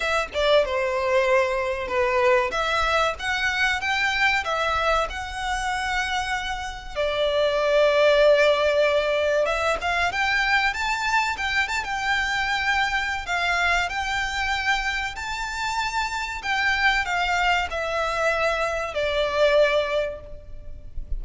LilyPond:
\new Staff \with { instrumentName = "violin" } { \time 4/4 \tempo 4 = 95 e''8 d''8 c''2 b'4 | e''4 fis''4 g''4 e''4 | fis''2. d''4~ | d''2. e''8 f''8 |
g''4 a''4 g''8 a''16 g''4~ g''16~ | g''4 f''4 g''2 | a''2 g''4 f''4 | e''2 d''2 | }